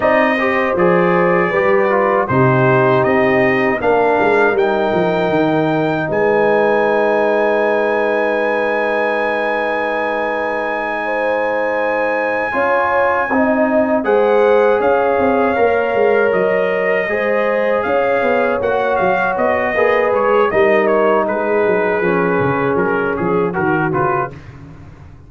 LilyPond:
<<
  \new Staff \with { instrumentName = "trumpet" } { \time 4/4 \tempo 4 = 79 dis''4 d''2 c''4 | dis''4 f''4 g''2 | gis''1~ | gis''1~ |
gis''2~ gis''8 fis''4 f''8~ | f''4. dis''2 f''8~ | f''8 fis''8 f''8 dis''4 cis''8 dis''8 cis''8 | b'2 ais'8 gis'8 ais'8 b'8 | }
  \new Staff \with { instrumentName = "horn" } { \time 4/4 d''8 c''4. b'4 g'4~ | g'4 ais'2. | b'1~ | b'2~ b'8 c''4.~ |
c''8 cis''4 dis''4 c''4 cis''8~ | cis''2~ cis''8 c''4 cis''8~ | cis''2 b'4 ais'4 | gis'2. fis'4 | }
  \new Staff \with { instrumentName = "trombone" } { \time 4/4 dis'8 g'8 gis'4 g'8 f'8 dis'4~ | dis'4 d'4 dis'2~ | dis'1~ | dis'1~ |
dis'8 f'4 dis'4 gis'4.~ | gis'8 ais'2 gis'4.~ | gis'8 fis'4. gis'4 dis'4~ | dis'4 cis'2 fis'8 f'8 | }
  \new Staff \with { instrumentName = "tuba" } { \time 4/4 c'4 f4 g4 c4 | c'4 ais8 gis8 g8 f8 dis4 | gis1~ | gis1~ |
gis8 cis'4 c'4 gis4 cis'8 | c'8 ais8 gis8 fis4 gis4 cis'8 | b8 ais8 fis8 b8 ais8 gis8 g4 | gis8 fis8 f8 cis8 fis8 f8 dis8 cis8 | }
>>